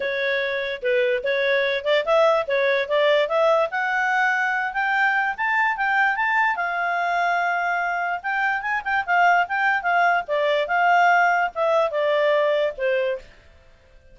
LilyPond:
\new Staff \with { instrumentName = "clarinet" } { \time 4/4 \tempo 4 = 146 cis''2 b'4 cis''4~ | cis''8 d''8 e''4 cis''4 d''4 | e''4 fis''2~ fis''8 g''8~ | g''4 a''4 g''4 a''4 |
f''1 | g''4 gis''8 g''8 f''4 g''4 | f''4 d''4 f''2 | e''4 d''2 c''4 | }